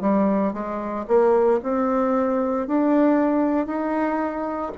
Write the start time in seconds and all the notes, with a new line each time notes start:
0.00 G3
0.53 G#3
1.07 A#3
1.62 C4
2.67 D4
3.66 D#4